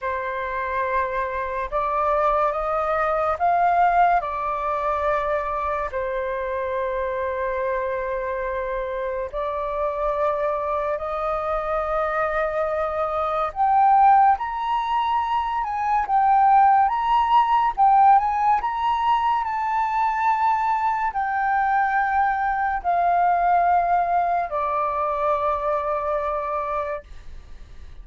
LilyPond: \new Staff \with { instrumentName = "flute" } { \time 4/4 \tempo 4 = 71 c''2 d''4 dis''4 | f''4 d''2 c''4~ | c''2. d''4~ | d''4 dis''2. |
g''4 ais''4. gis''8 g''4 | ais''4 g''8 gis''8 ais''4 a''4~ | a''4 g''2 f''4~ | f''4 d''2. | }